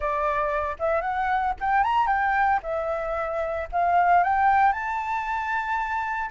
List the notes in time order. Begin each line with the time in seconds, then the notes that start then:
0.00 D5
0.79 E5
1.01 F#5
1.60 G5
1.83 A#5
2.06 G5
2.62 E5
3.72 F5
4.23 G5
4.72 A5